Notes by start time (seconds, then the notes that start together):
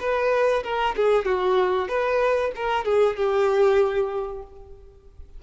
0.00 B4
0.64 A#4
0.96 G#4
1.25 F#4
1.89 B4
2.56 A#4
2.85 G#4
3.17 G4